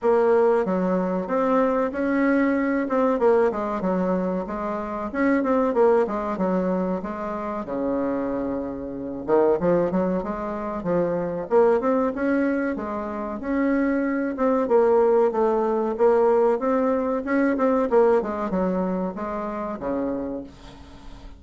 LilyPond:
\new Staff \with { instrumentName = "bassoon" } { \time 4/4 \tempo 4 = 94 ais4 fis4 c'4 cis'4~ | cis'8 c'8 ais8 gis8 fis4 gis4 | cis'8 c'8 ais8 gis8 fis4 gis4 | cis2~ cis8 dis8 f8 fis8 |
gis4 f4 ais8 c'8 cis'4 | gis4 cis'4. c'8 ais4 | a4 ais4 c'4 cis'8 c'8 | ais8 gis8 fis4 gis4 cis4 | }